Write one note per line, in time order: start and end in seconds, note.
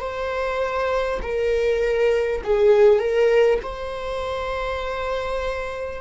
0.00 1.20 C5
1.23 2.43 A#4
2.44 2.99 G#4
2.99 3.59 A#4
3.63 6.01 C5